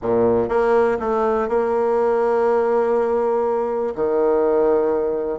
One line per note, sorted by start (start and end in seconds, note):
0.02 0.48 A#2
0.48 0.97 A#3
0.99 1.48 A3
1.48 3.94 A#3
3.95 5.39 D#3